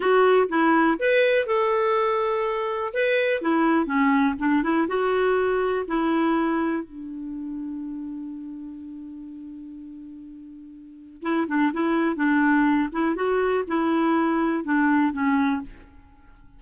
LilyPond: \new Staff \with { instrumentName = "clarinet" } { \time 4/4 \tempo 4 = 123 fis'4 e'4 b'4 a'4~ | a'2 b'4 e'4 | cis'4 d'8 e'8 fis'2 | e'2 d'2~ |
d'1~ | d'2. e'8 d'8 | e'4 d'4. e'8 fis'4 | e'2 d'4 cis'4 | }